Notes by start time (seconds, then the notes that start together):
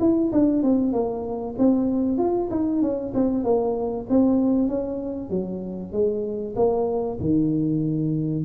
0.00 E4
0.32 D4
0.63 C4
0.93 A#3
1.59 C4
2.18 F4
2.51 D#4
2.82 C#4
3.14 C4
3.44 A#3
4.10 C4
4.68 C#4
5.30 F#3
5.92 G#3
6.56 A#3
7.20 D#3